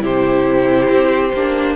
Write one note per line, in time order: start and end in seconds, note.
0.00 0.89 C3
0.00 1.30 E4
0.00 1.76 G4
0.00 1.76 C5
0.89 1.33 C4
1.33 1.76 A#3
1.33 1.76 D4